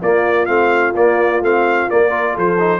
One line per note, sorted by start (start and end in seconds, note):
0.00 0.48 A#3
0.00 0.46 A#3
0.00 2.08 F4
0.00 0.45 D5
0.45 0.94 A3
0.45 0.93 C4
0.45 0.92 F5
0.94 1.41 A#3
0.94 1.42 A#3
0.94 1.43 D5
1.41 1.88 A3
1.41 1.89 C4
1.41 1.90 F5
1.89 2.10 A#3
1.89 2.36 A#3
1.89 2.36 D5
2.08 2.56 F4
2.08 2.32 A#4
2.34 2.80 F3
2.34 2.80 A4
2.34 2.80 C5
2.59 2.80 D#4